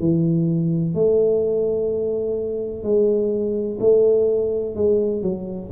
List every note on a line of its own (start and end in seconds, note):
0.00 0.95 E3
0.95 2.84 A3
2.84 3.79 G#3
3.81 4.75 A3
4.75 5.22 G#3
5.22 5.70 F#3